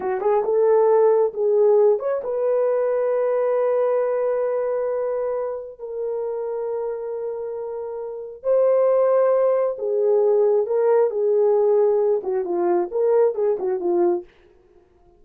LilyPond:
\new Staff \with { instrumentName = "horn" } { \time 4/4 \tempo 4 = 135 fis'8 gis'8 a'2 gis'4~ | gis'8 cis''8 b'2.~ | b'1~ | b'4 ais'2.~ |
ais'2. c''4~ | c''2 gis'2 | ais'4 gis'2~ gis'8 fis'8 | f'4 ais'4 gis'8 fis'8 f'4 | }